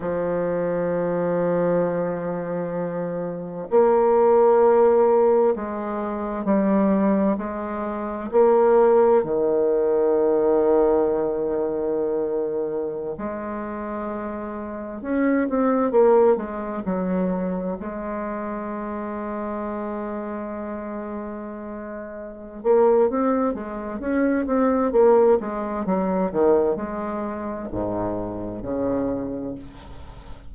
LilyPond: \new Staff \with { instrumentName = "bassoon" } { \time 4/4 \tempo 4 = 65 f1 | ais2 gis4 g4 | gis4 ais4 dis2~ | dis2~ dis16 gis4.~ gis16~ |
gis16 cis'8 c'8 ais8 gis8 fis4 gis8.~ | gis1~ | gis8 ais8 c'8 gis8 cis'8 c'8 ais8 gis8 | fis8 dis8 gis4 gis,4 cis4 | }